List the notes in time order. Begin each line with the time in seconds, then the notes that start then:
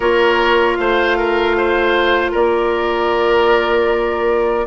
0.00 A#3 F4 A#4 C#5
0.75 A3 C5 F5
1.17 A#4
1.57 C5
2.31 A#3 A#4 D5